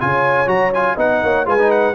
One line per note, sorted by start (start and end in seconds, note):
0.00 0.47 C#3
0.00 0.46 F4
0.00 0.95 C#5
0.00 0.48 G#5
0.46 0.95 F#3
0.46 0.70 F#4
0.46 0.72 A#5
0.73 0.97 F4
0.73 0.98 G#5
0.95 1.21 B3
0.95 1.45 D#4
0.95 1.20 D#5
0.95 1.47 F#5
1.22 1.46 A#3
1.22 1.47 C#5
1.45 1.94 G#3
1.45 1.58 F4
1.45 1.94 B4
1.45 1.71 G#5
1.58 1.94 D#4
1.71 1.94 F#5